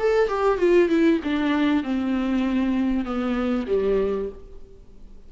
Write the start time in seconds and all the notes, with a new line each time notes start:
0.00 A4
0.29 G4
0.59 F4
0.89 E4
1.24 D4
1.84 C4
3.05 B3
3.67 G3